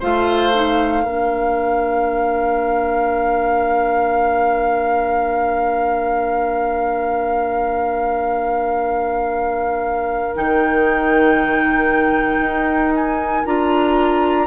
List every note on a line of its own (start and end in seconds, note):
0.00 1.04 A3
0.00 0.53 F4
0.00 1.03 C5
0.00 10.36 F5
0.53 1.04 D#4
1.04 10.35 A#3
1.04 10.35 D4
1.04 14.48 A#4
10.36 12.40 D#3
10.36 13.46 D#4
10.36 12.94 G5
12.40 13.44 D#4
12.95 13.45 G#5
13.45 14.48 D4
13.45 14.48 F4
13.45 14.48 A#5